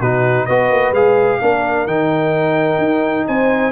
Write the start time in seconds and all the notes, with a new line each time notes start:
0.00 B2 D#4 F#4 B4
0.46 B3 F#4 B4 D#5
0.70 A#3
0.91 G#3 G#4 F5
1.41 A#3 D4 A#4
1.86 D#3 D#4 G5
2.78 D#4
3.27 C4 C5 G#5